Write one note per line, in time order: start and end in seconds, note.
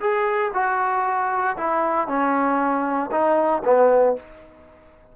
0.00 0.51 G#4
0.54 1.56 F#4
1.57 2.08 E4
2.08 3.10 C#4
3.11 3.62 D#4
3.65 4.16 B3